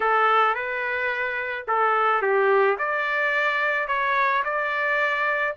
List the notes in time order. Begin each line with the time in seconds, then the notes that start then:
0.00 A4
0.54 B4
1.67 A4
2.21 G4
2.78 D5
3.87 C#5
4.44 D5